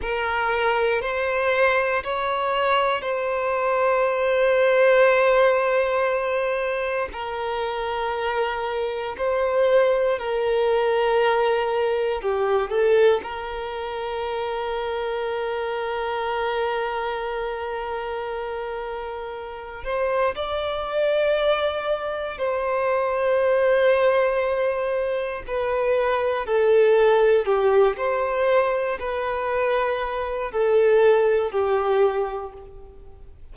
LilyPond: \new Staff \with { instrumentName = "violin" } { \time 4/4 \tempo 4 = 59 ais'4 c''4 cis''4 c''4~ | c''2. ais'4~ | ais'4 c''4 ais'2 | g'8 a'8 ais'2.~ |
ais'2.~ ais'8 c''8 | d''2 c''2~ | c''4 b'4 a'4 g'8 c''8~ | c''8 b'4. a'4 g'4 | }